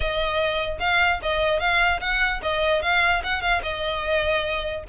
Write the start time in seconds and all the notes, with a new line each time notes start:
0.00 D#5
0.79 F5
1.22 D#5
1.59 F5
2.00 F#5
2.42 D#5
2.82 F5
3.23 F#5
3.41 F5
3.62 D#5